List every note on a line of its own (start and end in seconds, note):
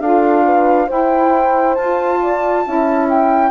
0.00 0.88 D4
0.00 0.88 F4
0.00 0.45 A4
0.00 0.89 F5
0.45 0.87 B4
0.87 1.76 E4
0.87 1.78 E4
0.87 2.20 C5
0.87 1.75 G5
1.75 2.66 F4
1.75 3.08 A5
2.22 2.67 D5
2.66 3.52 C#4
2.66 3.52 E4
2.66 3.52 E5
3.10 3.52 G5